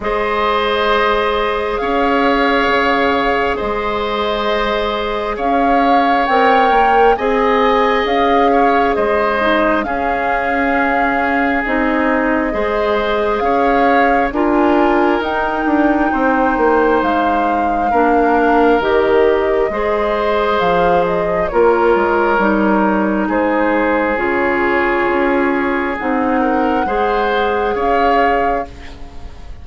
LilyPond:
<<
  \new Staff \with { instrumentName = "flute" } { \time 4/4 \tempo 4 = 67 dis''2 f''2 | dis''2 f''4 g''4 | gis''4 f''4 dis''4 f''4~ | f''4 dis''2 f''4 |
gis''4 g''2 f''4~ | f''4 dis''2 f''8 dis''8 | cis''2 c''4 cis''4~ | cis''4 fis''2 f''4 | }
  \new Staff \with { instrumentName = "oboe" } { \time 4/4 c''2 cis''2 | c''2 cis''2 | dis''4. cis''8 c''4 gis'4~ | gis'2 c''4 cis''4 |
ais'2 c''2 | ais'2 c''2 | ais'2 gis'2~ | gis'4. ais'8 c''4 cis''4 | }
  \new Staff \with { instrumentName = "clarinet" } { \time 4/4 gis'1~ | gis'2. ais'4 | gis'2~ gis'8 dis'8 cis'4~ | cis'4 dis'4 gis'2 |
f'4 dis'2. | d'4 g'4 gis'2 | f'4 dis'2 f'4~ | f'4 dis'4 gis'2 | }
  \new Staff \with { instrumentName = "bassoon" } { \time 4/4 gis2 cis'4 cis4 | gis2 cis'4 c'8 ais8 | c'4 cis'4 gis4 cis'4~ | cis'4 c'4 gis4 cis'4 |
d'4 dis'8 d'8 c'8 ais8 gis4 | ais4 dis4 gis4 f4 | ais8 gis8 g4 gis4 cis4 | cis'4 c'4 gis4 cis'4 | }
>>